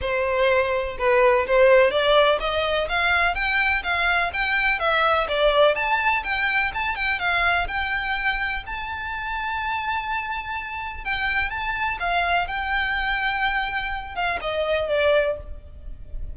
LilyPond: \new Staff \with { instrumentName = "violin" } { \time 4/4 \tempo 4 = 125 c''2 b'4 c''4 | d''4 dis''4 f''4 g''4 | f''4 g''4 e''4 d''4 | a''4 g''4 a''8 g''8 f''4 |
g''2 a''2~ | a''2. g''4 | a''4 f''4 g''2~ | g''4. f''8 dis''4 d''4 | }